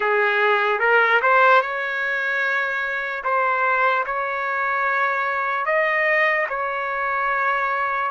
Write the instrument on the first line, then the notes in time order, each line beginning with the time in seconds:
trumpet
0.00 G#4
0.79 A#4
1.22 C5
1.61 C#5
3.24 C5
4.05 C#5
5.65 D#5
6.49 C#5